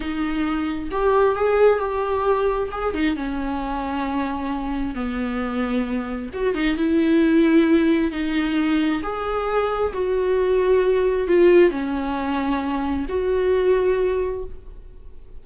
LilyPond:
\new Staff \with { instrumentName = "viola" } { \time 4/4 \tempo 4 = 133 dis'2 g'4 gis'4 | g'2 gis'8 dis'8 cis'4~ | cis'2. b4~ | b2 fis'8 dis'8 e'4~ |
e'2 dis'2 | gis'2 fis'2~ | fis'4 f'4 cis'2~ | cis'4 fis'2. | }